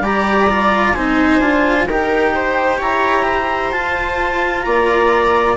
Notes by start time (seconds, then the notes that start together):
0.00 G3 G4 D5 A#5
0.50 F4
0.94 C4 D#4 C5 G#5
1.39 D4 F4
1.87 D#4 G4 A#4 G5
2.35 C5
2.78 E4 C#5 A#5
3.25 C5
3.72 F4 A5
4.62 A#3 D5 A#5